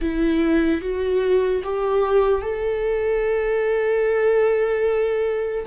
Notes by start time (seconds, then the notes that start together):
0.01 E4
0.81 F#4
1.63 G4
2.41 A4